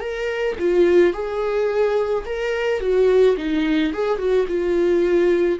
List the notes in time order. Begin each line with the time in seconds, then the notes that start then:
0.00 A#4
0.59 F4
1.13 G#4
2.26 A#4
2.80 F#4
3.37 D#4
3.93 G#4
4.18 F#4
4.48 F4